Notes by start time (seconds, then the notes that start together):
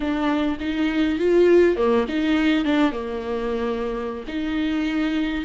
0.00 D4
0.59 D#4
1.18 F4
1.76 A#3
2.08 D#4
2.65 D4
2.92 A#3
4.27 D#4